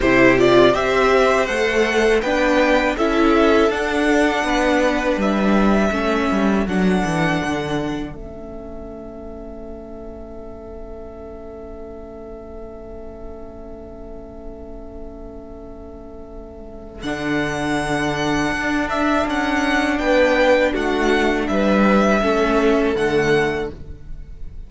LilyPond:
<<
  \new Staff \with { instrumentName = "violin" } { \time 4/4 \tempo 4 = 81 c''8 d''8 e''4 fis''4 g''4 | e''4 fis''2 e''4~ | e''4 fis''2 e''4~ | e''1~ |
e''1~ | e''2. fis''4~ | fis''4. e''8 fis''4 g''4 | fis''4 e''2 fis''4 | }
  \new Staff \with { instrumentName = "violin" } { \time 4/4 g'4 c''2 b'4 | a'2 b'2 | a'1~ | a'1~ |
a'1~ | a'1~ | a'2. b'4 | fis'4 b'4 a'2 | }
  \new Staff \with { instrumentName = "viola" } { \time 4/4 e'8 f'8 g'4 a'4 d'4 | e'4 d'2. | cis'4 d'2 cis'4~ | cis'1~ |
cis'1~ | cis'2. d'4~ | d'1~ | d'2 cis'4 a4 | }
  \new Staff \with { instrumentName = "cello" } { \time 4/4 c4 c'4 a4 b4 | cis'4 d'4 b4 g4 | a8 g8 fis8 e8 d4 a4~ | a1~ |
a1~ | a2. d4~ | d4 d'4 cis'4 b4 | a4 g4 a4 d4 | }
>>